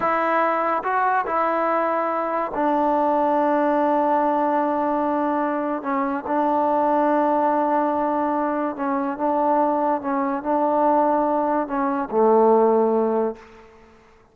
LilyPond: \new Staff \with { instrumentName = "trombone" } { \time 4/4 \tempo 4 = 144 e'2 fis'4 e'4~ | e'2 d'2~ | d'1~ | d'2 cis'4 d'4~ |
d'1~ | d'4 cis'4 d'2 | cis'4 d'2. | cis'4 a2. | }